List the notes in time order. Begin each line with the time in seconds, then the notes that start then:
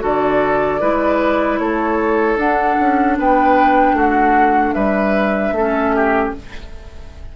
0.00 D3 F#4 A4 D5
0.81 G#3 E4 B4
1.59 A3 A4 C#5
2.37 D4 F#5
2.80 C#4
3.18 B3 B4 G5
3.94 A3 F#4 F#5
4.74 G3 B4 E5
5.52 A3 A4
5.58 C#4
5.96 G4